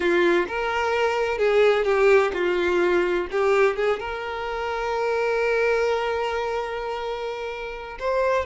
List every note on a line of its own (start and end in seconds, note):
0.00 0.46 F4
0.48 1.38 A#4
1.38 1.84 G#4
1.84 2.31 G4
2.33 3.27 F4
3.31 3.76 G4
3.76 3.99 G#4
3.99 7.98 A#4
7.99 8.45 C5